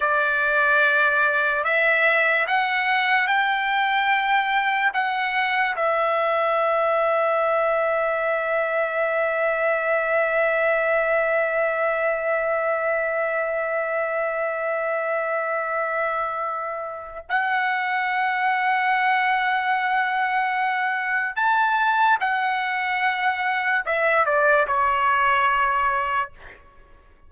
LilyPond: \new Staff \with { instrumentName = "trumpet" } { \time 4/4 \tempo 4 = 73 d''2 e''4 fis''4 | g''2 fis''4 e''4~ | e''1~ | e''1~ |
e''1~ | e''4 fis''2.~ | fis''2 a''4 fis''4~ | fis''4 e''8 d''8 cis''2 | }